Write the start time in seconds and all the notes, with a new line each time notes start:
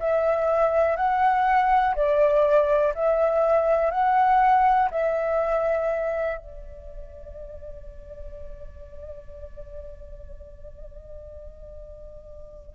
0.00 E5
0.97 F#5
1.95 D5
2.95 E5
3.91 F#5
4.91 E5
6.38 D5